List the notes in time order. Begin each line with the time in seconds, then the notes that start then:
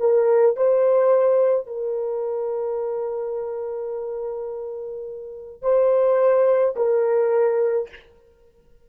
0.00 A#4
0.57 C5
1.67 A#4
5.62 C5
6.76 A#4